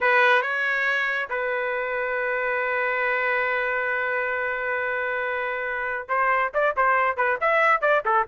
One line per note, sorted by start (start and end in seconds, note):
0.00 0.42 B4
0.42 1.28 C#5
1.29 6.08 B4
6.08 6.51 C5
6.53 6.75 D5
6.76 7.16 C5
7.16 7.38 B4
7.40 7.81 E5
7.81 8.03 D5
8.05 8.27 A4